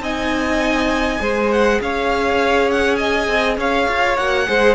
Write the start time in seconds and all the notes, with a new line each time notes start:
0.00 C4 D#4 D#5 G#5
1.19 G#3 G#4 C5
1.51 F#5
1.81 C#4 C#5 F5
2.71 F#5
2.96 D#5 G#5
3.28 C4
3.57 C#4 C#5 F5
3.89 F4
4.17 A#3 F#4 F#5
4.46 G#3 G#4 C5